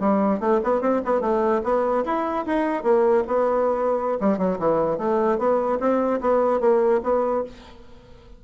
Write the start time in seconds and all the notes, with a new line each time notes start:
0.00 G3
0.40 A3
0.64 B3
0.81 C4
1.05 B3
1.21 A3
1.64 B3
2.05 E4
2.46 D#4
2.83 A#3
3.27 B3
4.21 G3
4.38 F#3
4.59 E3
4.98 A3
5.39 B3
5.80 C4
6.21 B3
6.61 A#3
7.04 B3